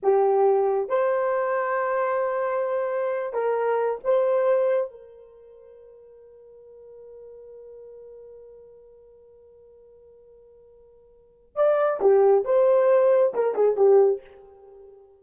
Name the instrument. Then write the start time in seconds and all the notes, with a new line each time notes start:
horn
0.02 G4
0.88 C5
3.33 A#4
4.04 C5
4.90 A#4
11.55 D5
12.00 G4
12.44 C5
13.34 A#4
13.54 G#4
13.76 G4